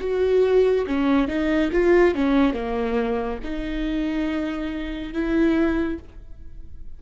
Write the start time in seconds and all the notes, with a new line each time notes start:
0.00 F#4
0.86 C#4
1.27 D#4
1.72 F4
2.14 C#4
2.53 A#3
3.43 D#4
5.13 E4